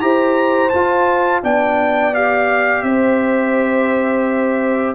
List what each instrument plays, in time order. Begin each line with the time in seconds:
0.00 tuba E4, trombone G4, horn C5, trumpet A#5
0.69 tuba F4, trombone F4, trumpet A5
1.42 tuba B3, trombone D4, horn D5, trumpet G5
2.14 trombone G4, trumpet F5
2.82 tuba C4, horn C5, trumpet E5